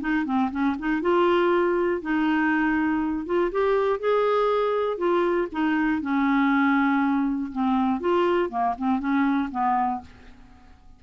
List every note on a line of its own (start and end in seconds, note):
0.00 0.25 D#4
0.25 0.50 C4
0.51 0.76 C#4
0.78 1.01 D#4
1.01 2.01 F4
2.01 3.26 D#4
3.26 3.51 F4
3.51 3.99 G4
3.99 4.97 G#4
4.97 5.47 F4
5.51 6.01 D#4
6.01 7.51 C#4
7.52 8.00 C4
8.00 8.49 F4
8.49 8.74 A#3
8.78 8.99 C4
8.99 9.49 C#4
9.51 10.01 B3